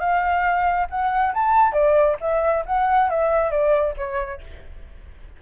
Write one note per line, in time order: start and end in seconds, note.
0.00 0.88 F5
0.90 1.34 F#5
1.34 1.73 A5
1.73 2.17 D5
2.21 2.65 E5
2.66 3.10 F#5
3.10 3.51 E5
3.51 3.95 D5
3.98 4.41 C#5